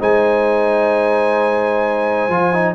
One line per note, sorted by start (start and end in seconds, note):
0.00 2.29 G#3
0.00 2.31 D#4
0.00 2.75 C5
0.00 2.75 G#5
2.29 2.75 F3
2.29 2.54 F4
2.54 2.75 D#4